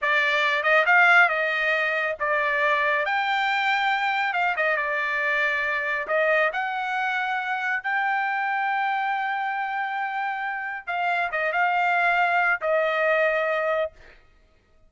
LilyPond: \new Staff \with { instrumentName = "trumpet" } { \time 4/4 \tempo 4 = 138 d''4. dis''8 f''4 dis''4~ | dis''4 d''2 g''4~ | g''2 f''8 dis''8 d''4~ | d''2 dis''4 fis''4~ |
fis''2 g''2~ | g''1~ | g''4 f''4 dis''8 f''4.~ | f''4 dis''2. | }